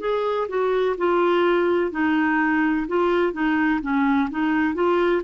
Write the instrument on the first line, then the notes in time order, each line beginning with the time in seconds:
clarinet
0.00 G#4
0.48 F#4
0.98 F4
1.91 D#4
2.87 F4
3.32 D#4
3.81 C#4
4.30 D#4
4.74 F4